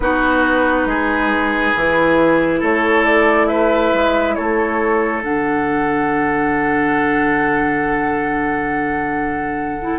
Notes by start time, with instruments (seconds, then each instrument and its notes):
0.00 bassoon B3, clarinet D#4, oboe F#4, flute B4
0.85 bassoon G#3, oboe G#4
1.75 bassoon E3, clarinet E4
2.59 bassoon A3, oboe A4, flute C#5
3.04 flute D5
3.47 oboe B4, flute E5
3.93 bassoon G#3
4.34 bassoon A3, oboe A4, flute C#5
5.22 bassoon D3, clarinet D4, flute F#5
9.82 clarinet E4